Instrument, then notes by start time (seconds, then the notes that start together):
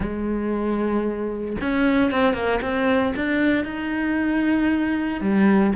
cello
0.00 G#3
1.61 C#4
2.11 C4
2.33 A#3
2.61 C4
3.15 D4
3.64 D#4
5.20 G3